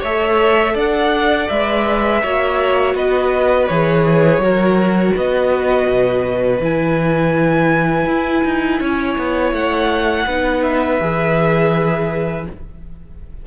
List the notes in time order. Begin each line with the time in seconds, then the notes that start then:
0.00 A3 A4 C#5 E5
0.74 D4 D5 F#5
1.49 G#3 B4 E5
2.23 A#3 F#4 C#5
2.95 B3 B4 D#5
3.68 E3 G#4 C#5
4.39 F#3 F#4 A#4
5.17 B3 B4 D#5
5.88 B2
6.60 E3 E4 G#5
8.07 E4
8.45 D#4
8.80 C#4 C#5
9.18 B3
9.53 A3 F#5
10.27 B3 D#4 B4
10.63 E5
11.01 E3 G#4